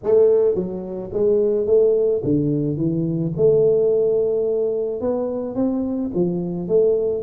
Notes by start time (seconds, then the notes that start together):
0.03 A3
0.54 F#3
1.12 G#3
1.66 A3
2.24 D3
2.76 E3
3.37 A3
5.00 B3
5.55 C4
6.14 F3
6.67 A3